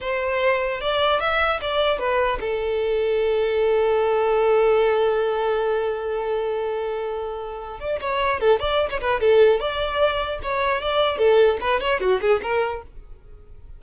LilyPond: \new Staff \with { instrumentName = "violin" } { \time 4/4 \tempo 4 = 150 c''2 d''4 e''4 | d''4 b'4 a'2~ | a'1~ | a'1~ |
a'2.~ a'8 d''8 | cis''4 a'8 d''8. cis''16 b'8 a'4 | d''2 cis''4 d''4 | a'4 b'8 cis''8 fis'8 gis'8 ais'4 | }